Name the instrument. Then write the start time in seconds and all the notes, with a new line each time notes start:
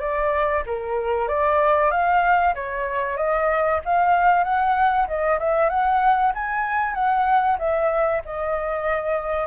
flute
0.00 D5
0.66 A#4
1.28 D5
1.91 F5
2.55 C#5
3.17 D#5
3.85 F5
4.44 F#5
5.08 D#5
5.40 E5
5.70 F#5
6.35 G#5
6.94 F#5
7.59 E5
8.25 D#5